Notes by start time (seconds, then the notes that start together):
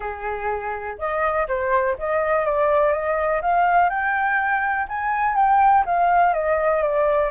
0.00 G#4
0.98 D#5
1.48 C5
1.98 D#5
2.45 D5
2.92 D#5
3.41 F5
3.89 G5
4.88 G#5
5.35 G5
5.85 F5
6.33 D#5
6.82 D5